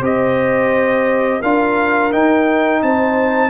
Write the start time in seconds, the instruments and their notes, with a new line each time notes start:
0.00 tuba C4, trombone G4, horn C5, trumpet D#5
1.40 tuba D4, trombone F4, horn A#4, trumpet F5
2.11 trombone D#4, tuba D#4, trumpet G5
2.82 tuba C4, horn C5, trumpet A5